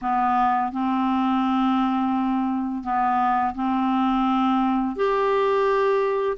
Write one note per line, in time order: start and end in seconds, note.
0.01 0.72 B3
0.72 2.83 C4
2.83 3.54 B3
3.55 4.96 C4
4.96 6.37 G4